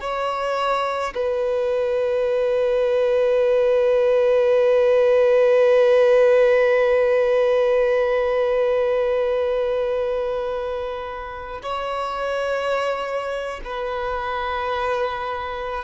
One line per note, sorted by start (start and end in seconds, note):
0.00 1.13 C#5
1.14 11.61 B4
11.62 13.60 C#5
13.64 15.84 B4